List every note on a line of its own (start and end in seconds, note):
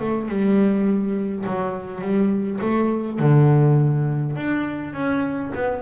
0.00 0.28 A3
0.28 1.45 G3
1.46 2.01 F#3
2.01 2.59 G3
2.61 3.19 A3
3.19 4.36 D3
4.36 4.93 D4
4.93 5.51 C#4
5.55 5.82 B3